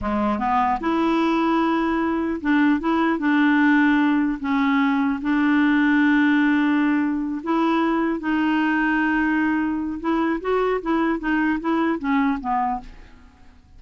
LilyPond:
\new Staff \with { instrumentName = "clarinet" } { \time 4/4 \tempo 4 = 150 gis4 b4 e'2~ | e'2 d'4 e'4 | d'2. cis'4~ | cis'4 d'2.~ |
d'2~ d'8 e'4.~ | e'8 dis'2.~ dis'8~ | dis'4 e'4 fis'4 e'4 | dis'4 e'4 cis'4 b4 | }